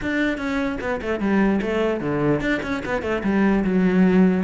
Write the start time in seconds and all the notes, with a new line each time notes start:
0.02 D4
0.37 C#4
0.81 B3
1.01 A3
1.20 G3
1.61 A3
2.00 D3
2.40 D4
2.62 C#4
2.85 B3
3.02 A3
3.23 G3
3.64 F#3